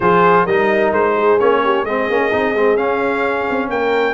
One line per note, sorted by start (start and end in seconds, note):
0.00 0.44 F3
0.00 0.48 F4
0.00 0.45 G#4
0.00 0.46 C5
0.45 0.92 G3
0.45 1.39 D#4
0.45 1.14 A#4
0.45 0.92 D#5
0.92 1.38 G#3
0.92 1.39 C5
1.15 1.61 G#4
1.39 1.84 A#3
1.39 1.85 C#4
1.39 1.85 C#5
1.64 1.84 G4
1.84 2.07 G#3
1.84 2.11 C4
1.84 3.69 G#4
1.84 2.76 D#5
2.09 2.32 A#3
2.09 2.31 C#4
2.31 2.53 C4
2.31 2.54 D#4
2.53 2.76 G#3
2.53 2.76 C4
2.76 3.45 C#4
2.76 4.13 C#4
2.76 3.69 F5
3.49 3.69 C4
3.69 4.13 A#3
3.69 4.13 A#4
3.69 4.13 G5